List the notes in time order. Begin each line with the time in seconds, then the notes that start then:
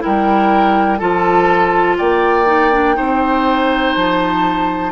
0.00 E4 A#4 G5
0.07 G3
0.98 F3 F4 A4 A5
1.98 A#3 D5 G5
2.47 D#4
2.73 D4
2.95 C4 D#4 C5
3.95 F3 A5